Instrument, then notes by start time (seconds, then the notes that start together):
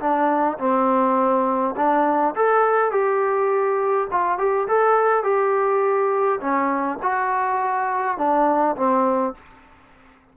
trombone
0.00 D4
0.59 C4
1.76 D4
2.35 A4
2.92 G4
4.11 F4
4.38 G4
4.68 A4
5.23 G4
6.41 C#4
7.02 F#4
8.18 D4
8.76 C4